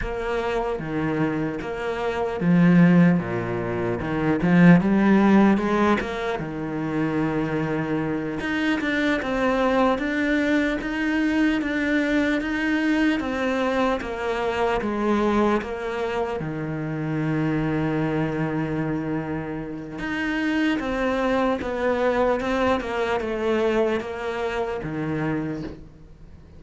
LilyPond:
\new Staff \with { instrumentName = "cello" } { \time 4/4 \tempo 4 = 75 ais4 dis4 ais4 f4 | ais,4 dis8 f8 g4 gis8 ais8 | dis2~ dis8 dis'8 d'8 c'8~ | c'8 d'4 dis'4 d'4 dis'8~ |
dis'8 c'4 ais4 gis4 ais8~ | ais8 dis2.~ dis8~ | dis4 dis'4 c'4 b4 | c'8 ais8 a4 ais4 dis4 | }